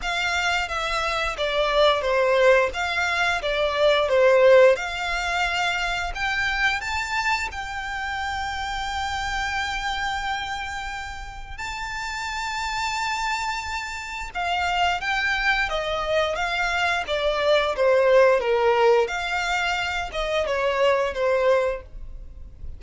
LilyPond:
\new Staff \with { instrumentName = "violin" } { \time 4/4 \tempo 4 = 88 f''4 e''4 d''4 c''4 | f''4 d''4 c''4 f''4~ | f''4 g''4 a''4 g''4~ | g''1~ |
g''4 a''2.~ | a''4 f''4 g''4 dis''4 | f''4 d''4 c''4 ais'4 | f''4. dis''8 cis''4 c''4 | }